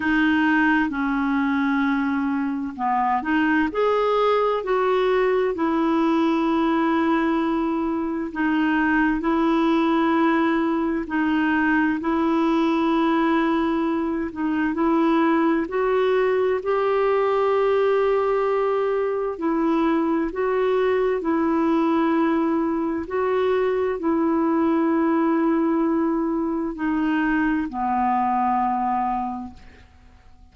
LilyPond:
\new Staff \with { instrumentName = "clarinet" } { \time 4/4 \tempo 4 = 65 dis'4 cis'2 b8 dis'8 | gis'4 fis'4 e'2~ | e'4 dis'4 e'2 | dis'4 e'2~ e'8 dis'8 |
e'4 fis'4 g'2~ | g'4 e'4 fis'4 e'4~ | e'4 fis'4 e'2~ | e'4 dis'4 b2 | }